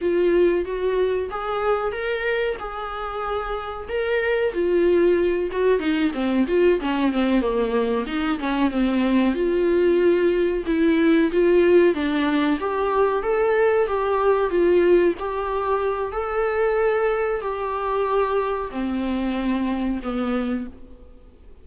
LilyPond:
\new Staff \with { instrumentName = "viola" } { \time 4/4 \tempo 4 = 93 f'4 fis'4 gis'4 ais'4 | gis'2 ais'4 f'4~ | f'8 fis'8 dis'8 c'8 f'8 cis'8 c'8 ais8~ | ais8 dis'8 cis'8 c'4 f'4.~ |
f'8 e'4 f'4 d'4 g'8~ | g'8 a'4 g'4 f'4 g'8~ | g'4 a'2 g'4~ | g'4 c'2 b4 | }